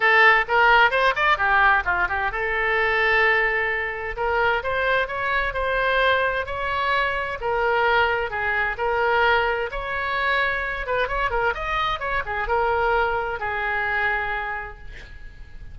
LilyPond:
\new Staff \with { instrumentName = "oboe" } { \time 4/4 \tempo 4 = 130 a'4 ais'4 c''8 d''8 g'4 | f'8 g'8 a'2.~ | a'4 ais'4 c''4 cis''4 | c''2 cis''2 |
ais'2 gis'4 ais'4~ | ais'4 cis''2~ cis''8 b'8 | cis''8 ais'8 dis''4 cis''8 gis'8 ais'4~ | ais'4 gis'2. | }